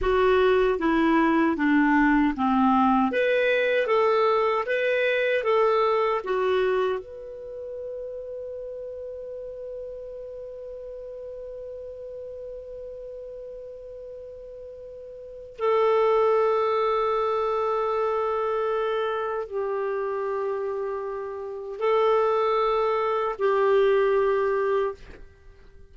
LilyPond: \new Staff \with { instrumentName = "clarinet" } { \time 4/4 \tempo 4 = 77 fis'4 e'4 d'4 c'4 | b'4 a'4 b'4 a'4 | fis'4 b'2.~ | b'1~ |
b'1 | a'1~ | a'4 g'2. | a'2 g'2 | }